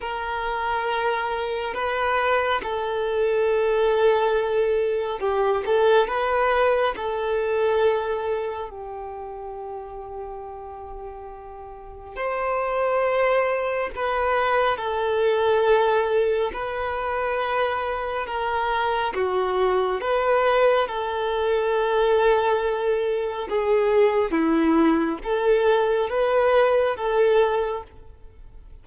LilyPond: \new Staff \with { instrumentName = "violin" } { \time 4/4 \tempo 4 = 69 ais'2 b'4 a'4~ | a'2 g'8 a'8 b'4 | a'2 g'2~ | g'2 c''2 |
b'4 a'2 b'4~ | b'4 ais'4 fis'4 b'4 | a'2. gis'4 | e'4 a'4 b'4 a'4 | }